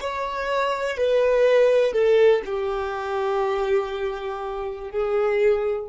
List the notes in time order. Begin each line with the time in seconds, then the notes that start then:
0.00 C#5
0.97 B4
1.93 A4
2.45 G4
4.90 G#4